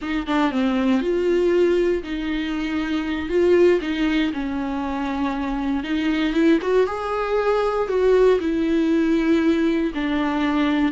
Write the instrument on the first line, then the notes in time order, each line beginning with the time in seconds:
viola
0.01 D#4
0.27 D4
0.51 C4
1.01 F4
2.03 D#4
3.29 F4
3.81 D#4
4.33 C#4
5.83 D#4
6.33 E4
6.61 F#4
6.86 G#4
7.88 F#4
8.40 E4
9.94 D4